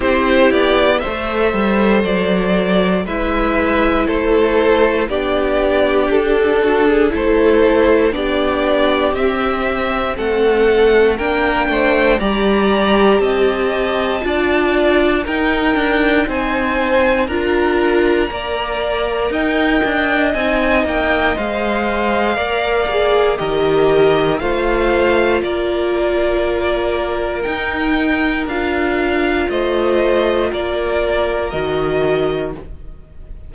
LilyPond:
<<
  \new Staff \with { instrumentName = "violin" } { \time 4/4 \tempo 4 = 59 c''8 d''8 e''4 d''4 e''4 | c''4 d''4 a'4 c''4 | d''4 e''4 fis''4 g''4 | ais''4 a''2 g''4 |
gis''4 ais''2 g''4 | gis''8 g''8 f''2 dis''4 | f''4 d''2 g''4 | f''4 dis''4 d''4 dis''4 | }
  \new Staff \with { instrumentName = "violin" } { \time 4/4 g'4 c''2 b'4 | a'4 g'4. fis'16 gis'16 a'4 | g'2 a'4 ais'8 c''8 | d''4 dis''4 d''4 ais'4 |
c''4 ais'4 d''4 dis''4~ | dis''2 d''4 ais'4 | c''4 ais'2.~ | ais'4 c''4 ais'2 | }
  \new Staff \with { instrumentName = "viola" } { \time 4/4 e'4 a'2 e'4~ | e'4 d'2 e'4 | d'4 c'2 d'4 | g'2 f'4 dis'4~ |
dis'4 f'4 ais'2 | dis'4 c''4 ais'8 gis'8 g'4 | f'2. dis'4 | f'2. fis'4 | }
  \new Staff \with { instrumentName = "cello" } { \time 4/4 c'8 b8 a8 g8 fis4 gis4 | a4 b4 d'4 a4 | b4 c'4 a4 ais8 a8 | g4 c'4 d'4 dis'8 d'8 |
c'4 d'4 ais4 dis'8 d'8 | c'8 ais8 gis4 ais4 dis4 | a4 ais2 dis'4 | d'4 a4 ais4 dis4 | }
>>